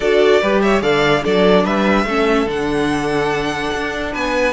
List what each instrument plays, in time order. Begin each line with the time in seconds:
0.00 cello D4, viola F#4, violin A4 D5
0.41 cello G3, viola G4, violin B4
0.61 violin C#5 E5
0.82 cello D3, viola A4, violin D5 F5
1.23 cello F#3, viola D4, violin A4 D5
1.64 cello G3, violin B4 E5
2.04 cello A3, viola C#4, violin A4
2.46 cello D3, viola D4, violin F#5
3.73 cello D4
4.12 cello B3, violin B4 G#5